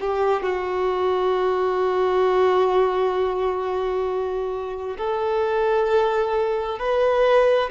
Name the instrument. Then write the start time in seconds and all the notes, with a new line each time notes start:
violin
0.00 G4
0.43 F#4
4.98 A4
6.79 B4